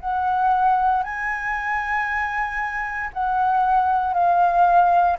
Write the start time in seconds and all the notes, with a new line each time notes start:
0.00 F#5
1.03 G#5
3.14 F#5
4.14 F5